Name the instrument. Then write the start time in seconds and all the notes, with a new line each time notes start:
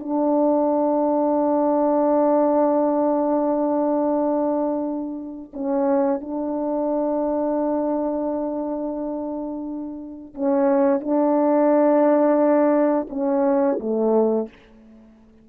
horn
0.00 D4
5.53 C#4
6.21 D4
10.35 C#4
11.01 D4
13.10 C#4
13.80 A3